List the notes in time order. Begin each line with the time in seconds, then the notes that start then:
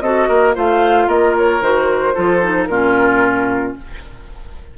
0.00 C4 F#4 A4 D#5
0.28 A#3 A#4
0.54 A3 F4 C5 F5
1.07 A#3 A#4 D#5
1.37 C#5
1.61 D#3 F#4 C5
2.14 F3 F4 A4
2.42 D#4
2.66 A#2 C#4 F4 A#4